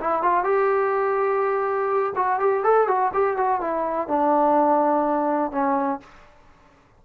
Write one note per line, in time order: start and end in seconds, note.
0.00 0.22 E4
0.22 0.44 F4
0.44 2.13 G4
2.15 2.40 F#4
2.40 2.63 G4
2.63 2.87 A4
2.87 3.11 F#4
3.13 3.36 G4
3.36 3.60 F#4
3.60 4.08 E4
4.08 5.51 D4
5.51 6.00 C#4